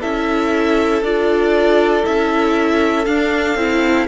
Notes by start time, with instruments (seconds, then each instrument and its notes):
0.00 cello C#4, viola E4, violin A4 E5
1.02 cello D4, viola F4, violin D5
2.03 cello C#4, viola E4, violin E5
3.05 cello D4, viola D4, violin F5
3.55 cello C4, viola E4